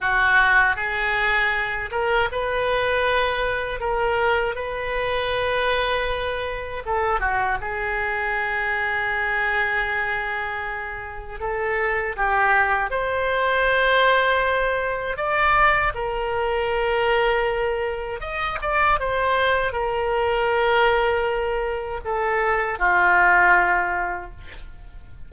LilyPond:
\new Staff \with { instrumentName = "oboe" } { \time 4/4 \tempo 4 = 79 fis'4 gis'4. ais'8 b'4~ | b'4 ais'4 b'2~ | b'4 a'8 fis'8 gis'2~ | gis'2. a'4 |
g'4 c''2. | d''4 ais'2. | dis''8 d''8 c''4 ais'2~ | ais'4 a'4 f'2 | }